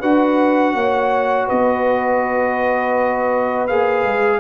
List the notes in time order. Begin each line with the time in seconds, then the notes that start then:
0.00 D4 F#4 B4 F#5
0.74 A#3 C#5
1.46 B3 B4 D#5
3.67 A#3 G#4 F5
4.04 G#3